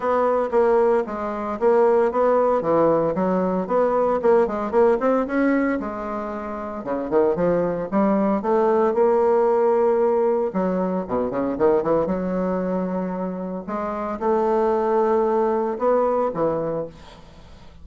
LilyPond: \new Staff \with { instrumentName = "bassoon" } { \time 4/4 \tempo 4 = 114 b4 ais4 gis4 ais4 | b4 e4 fis4 b4 | ais8 gis8 ais8 c'8 cis'4 gis4~ | gis4 cis8 dis8 f4 g4 |
a4 ais2. | fis4 b,8 cis8 dis8 e8 fis4~ | fis2 gis4 a4~ | a2 b4 e4 | }